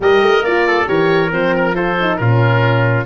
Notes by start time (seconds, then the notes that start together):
0.00 G3 G4 A#4 D#5
0.21 A3
0.41 A#3 F4 D5
0.67 A4
0.85 E3 G4 A#4 C#5
1.30 F3 C4 C5
1.56 A#4
1.74 F4 A4 C5
2.00 D#4
2.16 A#2 C#4 F4 A#4